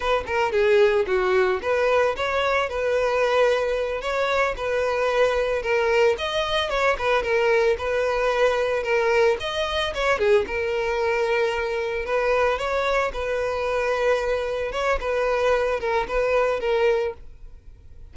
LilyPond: \new Staff \with { instrumentName = "violin" } { \time 4/4 \tempo 4 = 112 b'8 ais'8 gis'4 fis'4 b'4 | cis''4 b'2~ b'8 cis''8~ | cis''8 b'2 ais'4 dis''8~ | dis''8 cis''8 b'8 ais'4 b'4.~ |
b'8 ais'4 dis''4 cis''8 gis'8 ais'8~ | ais'2~ ais'8 b'4 cis''8~ | cis''8 b'2. cis''8 | b'4. ais'8 b'4 ais'4 | }